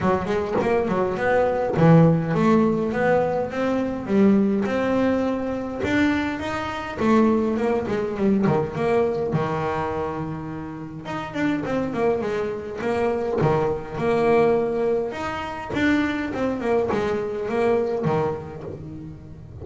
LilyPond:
\new Staff \with { instrumentName = "double bass" } { \time 4/4 \tempo 4 = 103 fis8 gis8 ais8 fis8 b4 e4 | a4 b4 c'4 g4 | c'2 d'4 dis'4 | a4 ais8 gis8 g8 dis8 ais4 |
dis2. dis'8 d'8 | c'8 ais8 gis4 ais4 dis4 | ais2 dis'4 d'4 | c'8 ais8 gis4 ais4 dis4 | }